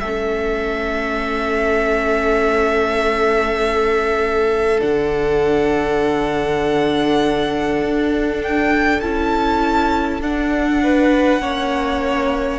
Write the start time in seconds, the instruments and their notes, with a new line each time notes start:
0.00 cello A3, viola C#4, violin A4 E5
4.79 cello D3, viola D4, violin F#5
7.82 cello D4
8.43 violin G5
9.01 cello C#4, viola E4, violin A5
10.21 cello D4, viola D4, violin F#5
10.84 violin B4
11.42 cello A#3, viola C#4, violin C#5